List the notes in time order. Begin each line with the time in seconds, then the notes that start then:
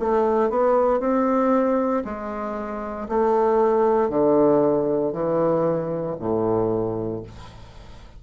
0.00 A3
0.50 B3
1.00 C4
2.05 G#3
3.08 A3
4.09 D3
5.13 E3
6.19 A2